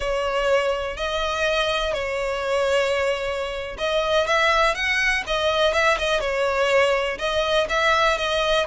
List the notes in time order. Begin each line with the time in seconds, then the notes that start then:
0.00 C#5
0.96 D#5
1.93 C#5
3.78 D#5
4.26 E5
4.74 F#5
5.26 D#5
5.73 E5
5.98 D#5
6.20 C#5
7.18 D#5
7.69 E5
8.17 D#5